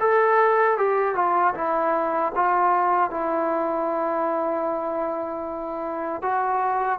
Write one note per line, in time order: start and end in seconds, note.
0.00 0.78 A4
0.78 1.15 G4
1.15 1.54 F4
1.54 2.32 E4
2.36 3.11 F4
3.11 6.22 E4
6.22 6.99 F#4